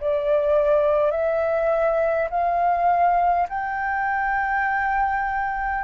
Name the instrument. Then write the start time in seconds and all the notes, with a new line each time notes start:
flute
0.00 D5
1.11 E5
2.30 F5
3.49 G5